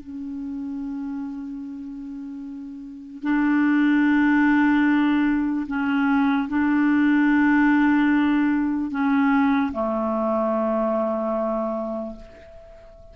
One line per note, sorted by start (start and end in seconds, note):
0.00 3.23 C#4
3.23 5.66 D4
5.68 6.49 C#4
6.49 8.91 D4
8.91 9.72 C#4
9.73 12.16 A3